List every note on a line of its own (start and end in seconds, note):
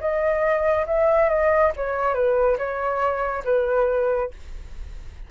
0.00 0.86 D#5
0.86 1.29 E5
1.29 1.72 D#5
1.76 2.14 C#5
2.14 2.57 B4
2.58 3.43 C#5
3.44 4.30 B4